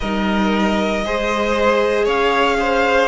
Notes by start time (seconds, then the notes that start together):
0.00 G3 D#4 A#4 D#5
1.04 G#3 G#4 C5
2.05 C#4 C#5 F5
2.59 C5